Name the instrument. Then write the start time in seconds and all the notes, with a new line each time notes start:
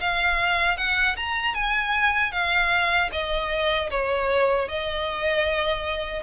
violin
0.00 F5
0.77 F#5
1.17 A#5
1.54 G#5
2.32 F5
3.12 D#5
3.91 C#5
4.69 D#5